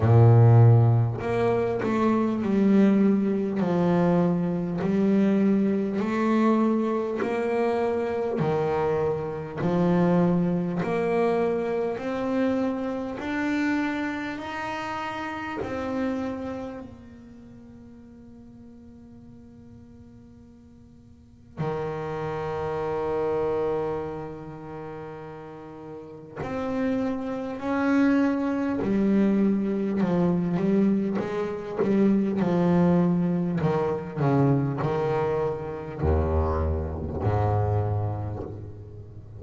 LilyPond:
\new Staff \with { instrumentName = "double bass" } { \time 4/4 \tempo 4 = 50 ais,4 ais8 a8 g4 f4 | g4 a4 ais4 dis4 | f4 ais4 c'4 d'4 | dis'4 c'4 ais2~ |
ais2 dis2~ | dis2 c'4 cis'4 | g4 f8 g8 gis8 g8 f4 | dis8 cis8 dis4 dis,4 gis,4 | }